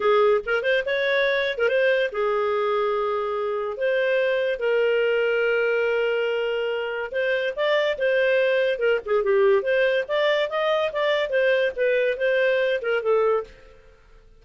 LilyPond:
\new Staff \with { instrumentName = "clarinet" } { \time 4/4 \tempo 4 = 143 gis'4 ais'8 c''8 cis''4.~ cis''16 ais'16 | c''4 gis'2.~ | gis'4 c''2 ais'4~ | ais'1~ |
ais'4 c''4 d''4 c''4~ | c''4 ais'8 gis'8 g'4 c''4 | d''4 dis''4 d''4 c''4 | b'4 c''4. ais'8 a'4 | }